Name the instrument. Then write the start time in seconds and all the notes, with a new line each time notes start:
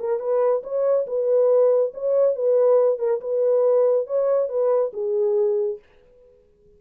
horn
0.00 A#4
0.20 B4
0.64 C#5
1.07 B4
1.94 C#5
2.36 B4
2.99 A#4
3.21 B4
4.07 C#5
4.50 B4
4.94 G#4